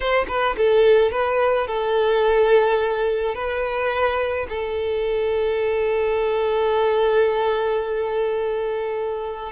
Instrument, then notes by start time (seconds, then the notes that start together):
violin
0.00 C5
0.28 B4
0.57 A4
1.11 B4
1.67 A4
3.34 B4
4.49 A4